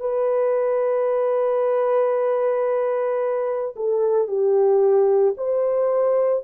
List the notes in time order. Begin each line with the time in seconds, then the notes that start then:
0.00 B4
3.76 A4
4.28 G4
5.37 C5